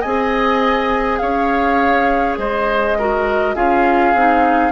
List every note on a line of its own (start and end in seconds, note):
0.00 1.21 C4
0.00 2.99 G#4
0.00 1.18 D#5
0.00 1.18 G#5
1.18 2.37 C#4
1.18 2.38 C#5
1.18 2.35 F5
2.37 3.55 G#3
2.37 2.97 C5
2.37 3.55 D#5
2.98 3.55 F#4
2.98 3.55 A#4
3.55 4.13 C#4
3.55 4.14 F4
3.55 4.71 G#4
3.55 4.71 F5
4.13 4.71 C4
4.13 4.71 D#4